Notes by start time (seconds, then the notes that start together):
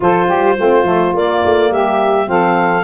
0.00 F3 F4 A4 C5
0.26 G3 G4
0.56 A3 C4 F4
0.83 F3 A3
1.13 A#3 D5
1.45 A3
1.71 G3 G4 E5
2.25 F3 C4 A4 F5